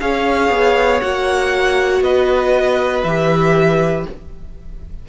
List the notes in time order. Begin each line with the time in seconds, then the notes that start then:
0.00 C#4 G#4 C#5 F5
0.50 B3
1.01 A#3 F#4 F#5
2.01 B3 B4 D#5
3.04 E3 G4 E5